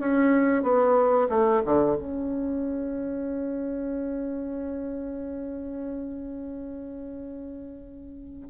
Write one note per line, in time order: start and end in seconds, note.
0.00 0.63 C#4
0.63 1.28 B3
1.30 1.62 A3
1.65 1.97 D3
1.97 8.49 C#4